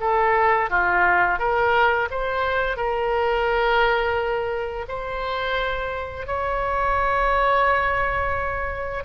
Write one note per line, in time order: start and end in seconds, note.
0.00 0.70 A4
0.70 1.39 F4
1.39 2.09 A#4
2.11 2.77 C5
2.77 4.86 A#4
4.88 6.27 C5
6.27 9.04 C#5